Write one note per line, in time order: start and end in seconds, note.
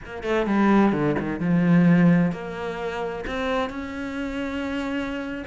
0.05 0.23 A#3
0.23 0.46 A3
0.46 0.92 G3
0.92 1.15 D3
1.19 1.40 D#3
1.40 2.32 F3
2.32 3.25 A#3
3.26 3.69 C4
3.69 5.44 C#4